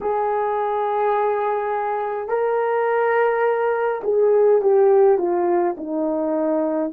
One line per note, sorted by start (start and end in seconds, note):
0.01 2.28 G#4
2.28 4.01 A#4
4.03 4.61 G#4
4.62 5.18 G4
5.18 5.75 F4
5.77 6.92 D#4